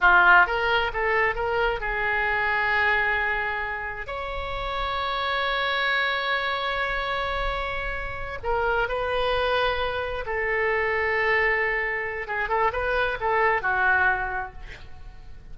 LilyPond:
\new Staff \with { instrumentName = "oboe" } { \time 4/4 \tempo 4 = 132 f'4 ais'4 a'4 ais'4 | gis'1~ | gis'4 cis''2.~ | cis''1~ |
cis''2~ cis''8 ais'4 b'8~ | b'2~ b'8 a'4.~ | a'2. gis'8 a'8 | b'4 a'4 fis'2 | }